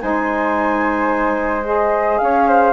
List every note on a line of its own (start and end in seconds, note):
0.00 2.21 G#3
0.00 1.64 D#4
0.00 2.20 C5
0.00 1.64 G#5
1.64 2.73 G#4
1.64 2.18 D#5
2.18 2.73 C#4
2.18 2.49 C#5
2.18 2.73 F5
2.49 2.73 C5